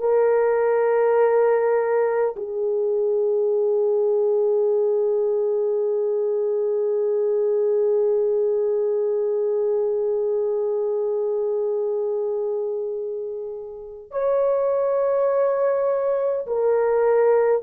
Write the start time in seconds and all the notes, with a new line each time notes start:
0.00 A#4
2.36 G#4
14.11 C#5
16.47 A#4